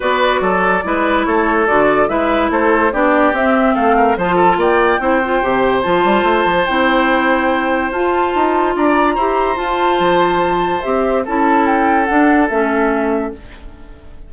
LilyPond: <<
  \new Staff \with { instrumentName = "flute" } { \time 4/4 \tempo 4 = 144 d''2. cis''4 | d''4 e''4 c''4 d''4 | e''4 f''4 a''4 g''4~ | g''2 a''2 |
g''2. a''4~ | a''4 ais''2 a''4~ | a''2 e''4 a''4 | g''4 fis''4 e''2 | }
  \new Staff \with { instrumentName = "oboe" } { \time 4/4 b'4 a'4 b'4 a'4~ | a'4 b'4 a'4 g'4~ | g'4 a'8 ais'8 c''8 a'8 d''4 | c''1~ |
c''1~ | c''4 d''4 c''2~ | c''2. a'4~ | a'1 | }
  \new Staff \with { instrumentName = "clarinet" } { \time 4/4 fis'2 e'2 | fis'4 e'2 d'4 | c'2 f'2 | e'8 f'8 g'4 f'2 |
e'2. f'4~ | f'2 g'4 f'4~ | f'2 g'4 e'4~ | e'4 d'4 cis'2 | }
  \new Staff \with { instrumentName = "bassoon" } { \time 4/4 b4 fis4 gis4 a4 | d4 gis4 a4 b4 | c'4 a4 f4 ais4 | c'4 c4 f8 g8 a8 f8 |
c'2. f'4 | dis'4 d'4 e'4 f'4 | f2 c'4 cis'4~ | cis'4 d'4 a2 | }
>>